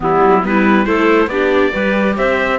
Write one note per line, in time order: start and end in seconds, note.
0.00 0.19 E3
0.00 0.42 G3
0.00 0.41 B3
0.00 0.46 E4
0.22 0.43 F#3
0.42 0.86 G3
0.42 0.84 B3
0.42 0.86 E4
0.42 0.85 B4
0.84 1.26 A3
0.84 1.27 E4
0.84 1.29 A4
0.84 1.28 C5
1.26 1.70 B3
1.26 1.72 D4
1.26 1.72 G4
1.26 2.15 D5
1.72 2.18 G3
1.72 2.59 G4
1.72 2.15 B4
2.16 2.59 C4
2.16 2.59 C5
2.16 2.59 E5